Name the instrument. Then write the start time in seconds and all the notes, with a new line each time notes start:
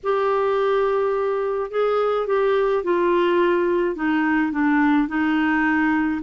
clarinet
0.03 G4
1.70 G#4
2.26 G4
2.83 F4
3.95 D#4
4.52 D4
5.08 D#4